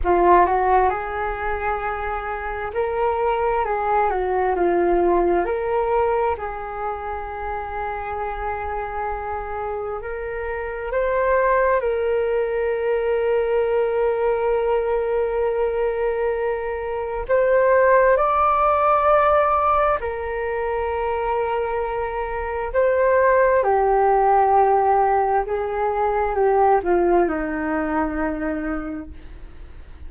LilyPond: \new Staff \with { instrumentName = "flute" } { \time 4/4 \tempo 4 = 66 f'8 fis'8 gis'2 ais'4 | gis'8 fis'8 f'4 ais'4 gis'4~ | gis'2. ais'4 | c''4 ais'2.~ |
ais'2. c''4 | d''2 ais'2~ | ais'4 c''4 g'2 | gis'4 g'8 f'8 dis'2 | }